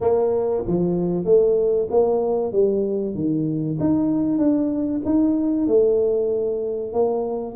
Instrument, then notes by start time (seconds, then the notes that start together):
tuba
0.01 A#3
0.67 F3
1.25 A3
1.90 A#3
2.52 G3
3.14 D#3
3.80 D#4
4.38 D4
5.05 D#4
5.67 A3
6.92 A#3